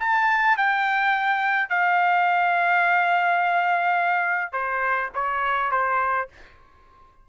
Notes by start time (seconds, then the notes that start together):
0.00 A5
0.57 G5
1.69 F5
4.52 C5
5.14 C#5
5.71 C5